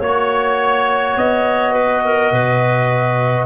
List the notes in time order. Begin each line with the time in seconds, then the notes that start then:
0.00 A#3 F#4 C#5
1.17 B3 D#5
1.73 B4
2.05 A#4
2.32 B2 B4